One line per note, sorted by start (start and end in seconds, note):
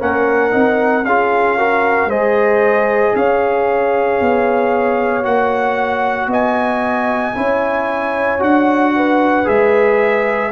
0.00 0.53 A#3
0.00 0.51 C#4
0.00 1.05 A#4
0.00 1.05 F#5
0.51 1.04 C4
0.51 1.04 D#4
1.04 2.06 C#4
1.04 1.58 F4
1.04 1.58 G#4
1.04 2.10 F5
1.58 2.11 F#4
1.58 2.09 A#4
2.06 3.11 G#3
2.06 5.23 G#4
2.06 3.14 C5
2.06 3.16 D#5
3.15 4.20 C#4
3.15 6.30 C#5
3.15 5.25 F5
4.21 5.25 B3
5.23 6.27 A#3
5.23 7.34 F#4
5.23 6.30 F#5
6.27 7.33 B3
6.27 7.36 D#5
6.27 8.43 G#5
7.35 8.42 C#4
7.35 8.39 E4
7.35 8.95 C#5
8.39 9.47 D4
8.39 9.45 F#4
8.39 9.48 F#5
8.96 10.52 B4
9.45 10.52 G#3
9.45 10.50 G#4
9.45 10.52 E5